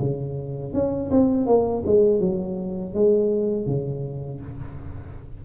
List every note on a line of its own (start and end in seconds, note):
0.00 0.73 C#3
0.73 1.10 C#4
1.11 1.47 C4
1.47 1.84 A#3
1.87 2.20 G#3
2.20 2.94 F#3
2.94 3.67 G#3
3.67 4.41 C#3